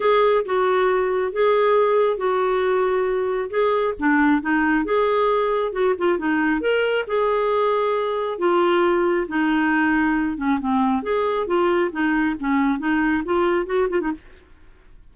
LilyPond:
\new Staff \with { instrumentName = "clarinet" } { \time 4/4 \tempo 4 = 136 gis'4 fis'2 gis'4~ | gis'4 fis'2. | gis'4 d'4 dis'4 gis'4~ | gis'4 fis'8 f'8 dis'4 ais'4 |
gis'2. f'4~ | f'4 dis'2~ dis'8 cis'8 | c'4 gis'4 f'4 dis'4 | cis'4 dis'4 f'4 fis'8 f'16 dis'16 | }